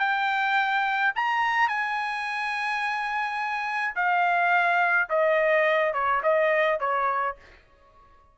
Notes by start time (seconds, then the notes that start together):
0.00 G5
1.16 A#5
1.69 G#5
3.96 F5
5.10 D#5
5.94 C#5
6.23 D#5
6.80 C#5